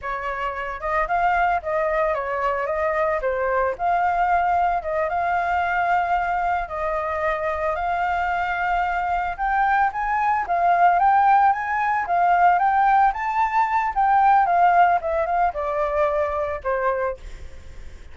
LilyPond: \new Staff \with { instrumentName = "flute" } { \time 4/4 \tempo 4 = 112 cis''4. dis''8 f''4 dis''4 | cis''4 dis''4 c''4 f''4~ | f''4 dis''8 f''2~ f''8~ | f''8 dis''2 f''4.~ |
f''4. g''4 gis''4 f''8~ | f''8 g''4 gis''4 f''4 g''8~ | g''8 a''4. g''4 f''4 | e''8 f''8 d''2 c''4 | }